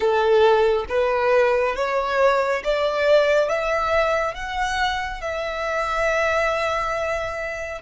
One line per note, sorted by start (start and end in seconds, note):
0.00 0.85 A4
0.88 1.75 B4
1.75 2.62 C#5
2.64 3.48 D5
3.48 4.34 E5
4.34 5.21 F#5
5.21 7.81 E5